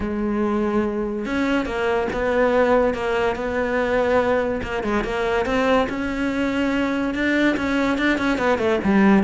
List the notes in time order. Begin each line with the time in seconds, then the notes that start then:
0.00 G#3
1.25 C#4
1.65 A#3
2.12 B3
2.94 A#3
3.35 B3
4.63 A#3
4.83 G#3
5.03 A#3
5.45 C4
5.89 C#4
7.14 D4
7.57 C#4
7.98 D4
8.18 C#4
8.38 B3
8.58 A3
8.84 G3